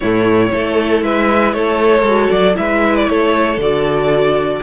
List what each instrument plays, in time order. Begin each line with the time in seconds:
0.00 cello A2, viola A3, violin E4 C#5
0.48 cello A3, viola E4, violin A4
1.01 cello G#3, violin B4 E5
1.53 cello A3, violin A4 C#5
2.01 cello G#3, viola F#4
2.29 cello F#3, violin D5
2.54 cello G#3, viola E4, violin B4 E5
2.95 violin D5
3.07 cello A3, violin A4 C#5
3.57 cello D3, viola F#4, violin D5